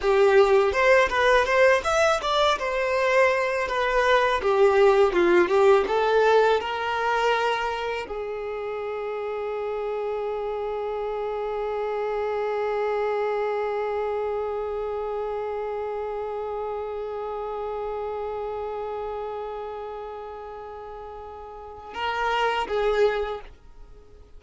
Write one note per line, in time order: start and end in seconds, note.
0.01 0.72 G4
0.72 1.08 C5
1.09 1.45 B4
1.45 1.81 C5
1.84 2.20 E5
2.22 2.58 D5
2.58 3.68 C5
3.68 4.41 B4
4.42 5.12 G4
5.12 5.48 F4
5.48 5.84 G4
5.87 6.60 A4
6.60 8.07 A#4
8.07 21.94 G#4
21.94 22.67 A#4
22.67 23.40 G#4